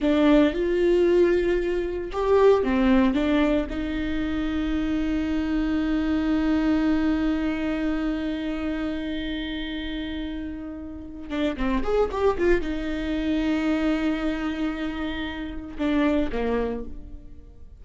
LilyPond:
\new Staff \with { instrumentName = "viola" } { \time 4/4 \tempo 4 = 114 d'4 f'2. | g'4 c'4 d'4 dis'4~ | dis'1~ | dis'1~ |
dis'1~ | dis'4. d'8 c'8 gis'8 g'8 f'8 | dis'1~ | dis'2 d'4 ais4 | }